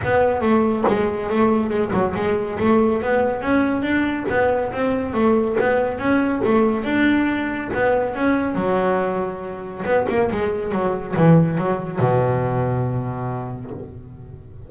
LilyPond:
\new Staff \with { instrumentName = "double bass" } { \time 4/4 \tempo 4 = 140 b4 a4 gis4 a4 | gis8 fis8 gis4 a4 b4 | cis'4 d'4 b4 c'4 | a4 b4 cis'4 a4 |
d'2 b4 cis'4 | fis2. b8 ais8 | gis4 fis4 e4 fis4 | b,1 | }